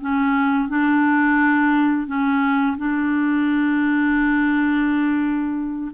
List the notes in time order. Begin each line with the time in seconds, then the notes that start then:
0.00 C#4
0.68 D4
2.06 C#4
2.77 D4